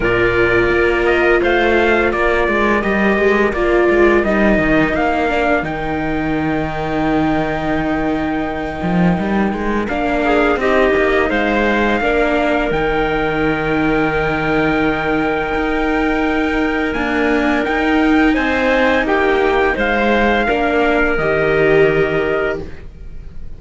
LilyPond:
<<
  \new Staff \with { instrumentName = "trumpet" } { \time 4/4 \tempo 4 = 85 d''4. dis''8 f''4 d''4 | dis''4 d''4 dis''4 f''4 | g''1~ | g''2 f''4 dis''4 |
f''2 g''2~ | g''1 | gis''4 g''4 gis''4 g''4 | f''2 dis''2 | }
  \new Staff \with { instrumentName = "clarinet" } { \time 4/4 ais'2 c''4 ais'4~ | ais'1~ | ais'1~ | ais'2~ ais'8 gis'8 g'4 |
c''4 ais'2.~ | ais'1~ | ais'2 c''4 g'4 | c''4 ais'2. | }
  \new Staff \with { instrumentName = "viola" } { \time 4/4 f'1 | g'4 f'4 dis'4. d'8 | dis'1~ | dis'2 d'4 dis'4~ |
dis'4 d'4 dis'2~ | dis'1 | ais4 dis'2.~ | dis'4 d'4 g'2 | }
  \new Staff \with { instrumentName = "cello" } { \time 4/4 ais,4 ais4 a4 ais8 gis8 | g8 gis8 ais8 gis8 g8 dis8 ais4 | dis1~ | dis8 f8 g8 gis8 ais4 c'8 ais8 |
gis4 ais4 dis2~ | dis2 dis'2 | d'4 dis'4 c'4 ais4 | gis4 ais4 dis2 | }
>>